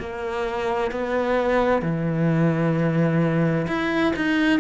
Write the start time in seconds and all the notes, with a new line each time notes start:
0.00 A#3
0.91 B3
1.83 E3
3.68 E4
4.16 D#4